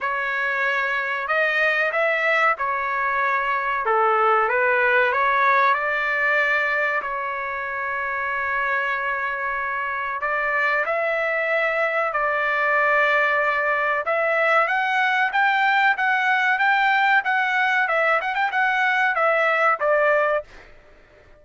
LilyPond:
\new Staff \with { instrumentName = "trumpet" } { \time 4/4 \tempo 4 = 94 cis''2 dis''4 e''4 | cis''2 a'4 b'4 | cis''4 d''2 cis''4~ | cis''1 |
d''4 e''2 d''4~ | d''2 e''4 fis''4 | g''4 fis''4 g''4 fis''4 | e''8 fis''16 g''16 fis''4 e''4 d''4 | }